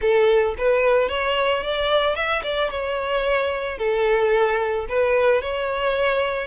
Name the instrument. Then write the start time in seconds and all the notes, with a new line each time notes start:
violin
0.01 A4
0.58 B4
1.09 C#5
1.63 D5
2.15 E5
2.43 D5
2.70 C#5
3.78 A4
4.88 B4
5.41 C#5